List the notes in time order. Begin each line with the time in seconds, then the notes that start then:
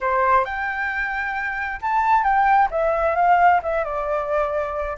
0.00 C5
0.44 G5
1.81 A5
2.23 G5
2.70 E5
3.15 F5
3.62 E5
3.84 D5